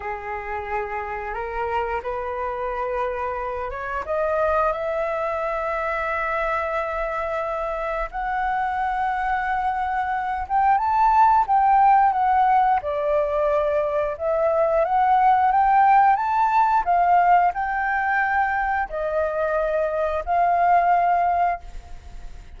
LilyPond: \new Staff \with { instrumentName = "flute" } { \time 4/4 \tempo 4 = 89 gis'2 ais'4 b'4~ | b'4. cis''8 dis''4 e''4~ | e''1 | fis''2.~ fis''8 g''8 |
a''4 g''4 fis''4 d''4~ | d''4 e''4 fis''4 g''4 | a''4 f''4 g''2 | dis''2 f''2 | }